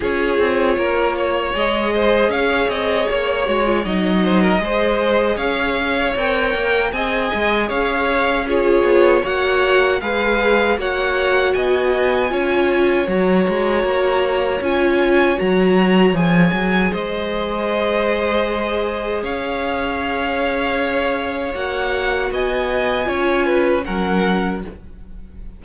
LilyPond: <<
  \new Staff \with { instrumentName = "violin" } { \time 4/4 \tempo 4 = 78 cis''2 dis''4 f''8 dis''8 | cis''4 dis''2 f''4 | g''4 gis''4 f''4 cis''4 | fis''4 f''4 fis''4 gis''4~ |
gis''4 ais''2 gis''4 | ais''4 gis''4 dis''2~ | dis''4 f''2. | fis''4 gis''2 fis''4 | }
  \new Staff \with { instrumentName = "violin" } { \time 4/4 gis'4 ais'8 cis''4 c''8 cis''4~ | cis''4. c''16 ais'16 c''4 cis''4~ | cis''4 dis''4 cis''4 gis'4 | cis''4 b'4 cis''4 dis''4 |
cis''1~ | cis''2 c''2~ | c''4 cis''2.~ | cis''4 dis''4 cis''8 b'8 ais'4 | }
  \new Staff \with { instrumentName = "viola" } { \time 4/4 f'2 gis'2~ | gis'8 fis'16 f'16 dis'4 gis'2 | ais'4 gis'2 f'4 | fis'4 gis'4 fis'2 |
f'4 fis'2 f'4 | fis'4 gis'2.~ | gis'1 | fis'2 f'4 cis'4 | }
  \new Staff \with { instrumentName = "cello" } { \time 4/4 cis'8 c'8 ais4 gis4 cis'8 c'8 | ais8 gis8 fis4 gis4 cis'4 | c'8 ais8 c'8 gis8 cis'4. b8 | ais4 gis4 ais4 b4 |
cis'4 fis8 gis8 ais4 cis'4 | fis4 f8 fis8 gis2~ | gis4 cis'2. | ais4 b4 cis'4 fis4 | }
>>